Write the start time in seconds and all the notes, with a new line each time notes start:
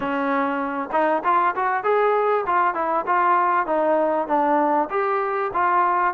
0.00 C#4
0.92 D#4
1.24 F4
1.55 F#4
1.83 G#4
2.46 F4
2.74 E4
3.06 F4
3.66 D#4
4.27 D4
4.90 G4
5.53 F4